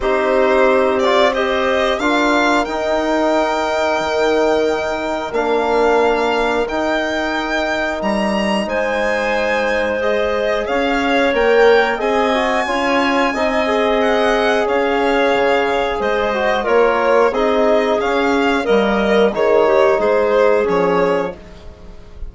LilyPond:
<<
  \new Staff \with { instrumentName = "violin" } { \time 4/4 \tempo 4 = 90 c''4. d''8 dis''4 f''4 | g''1 | f''2 g''2 | ais''4 gis''2 dis''4 |
f''4 g''4 gis''2~ | gis''4 fis''4 f''2 | dis''4 cis''4 dis''4 f''4 | dis''4 cis''4 c''4 cis''4 | }
  \new Staff \with { instrumentName = "clarinet" } { \time 4/4 g'2 c''4 ais'4~ | ais'1~ | ais'1~ | ais'4 c''2. |
cis''2 dis''4 cis''4 | dis''2 cis''2 | c''4 ais'4 gis'2 | ais'4 gis'8 g'8 gis'2 | }
  \new Staff \with { instrumentName = "trombone" } { \time 4/4 dis'4. f'8 g'4 f'4 | dis'1 | d'2 dis'2~ | dis'2. gis'4~ |
gis'4 ais'4 gis'8 fis'8 f'4 | dis'8 gis'2.~ gis'8~ | gis'8 fis'8 f'4 dis'4 cis'4 | ais4 dis'2 cis'4 | }
  \new Staff \with { instrumentName = "bassoon" } { \time 4/4 c'2. d'4 | dis'2 dis2 | ais2 dis'2 | g4 gis2. |
cis'4 ais4 c'4 cis'4 | c'2 cis'4 cis4 | gis4 ais4 c'4 cis'4 | g4 dis4 gis4 f4 | }
>>